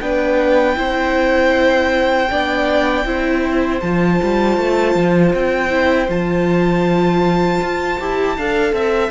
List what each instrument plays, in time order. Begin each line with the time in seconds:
0.00 cello B3, viola D4, violin B4 G5
0.75 cello C4, viola E4, violin C5
2.30 cello B3, viola D4, violin D5
3.05 cello C4, viola E4, violin C5
3.80 cello F3, viola F4, violin A5
4.23 cello G3
4.57 cello A3
4.95 cello F3
5.33 cello C4, violin G5
5.70 viola E4
6.08 cello F3, viola F4, violin A5
7.61 cello F4
7.99 cello E4, viola G4
8.37 cello D4, viola A4, violin F5
8.72 cello C4, violin E5